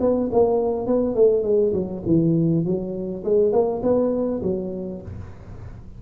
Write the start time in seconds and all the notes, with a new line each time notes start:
0.00 B3
0.32 A#3
0.86 B3
1.15 A3
1.43 G#3
1.73 F#3
2.06 E3
2.65 F#3
3.24 G#3
3.52 A#3
3.82 B3
4.42 F#3